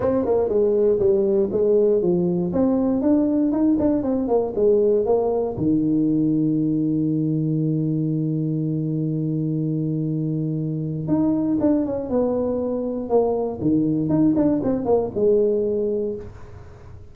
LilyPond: \new Staff \with { instrumentName = "tuba" } { \time 4/4 \tempo 4 = 119 c'8 ais8 gis4 g4 gis4 | f4 c'4 d'4 dis'8 d'8 | c'8 ais8 gis4 ais4 dis4~ | dis1~ |
dis1~ | dis2 dis'4 d'8 cis'8 | b2 ais4 dis4 | dis'8 d'8 c'8 ais8 gis2 | }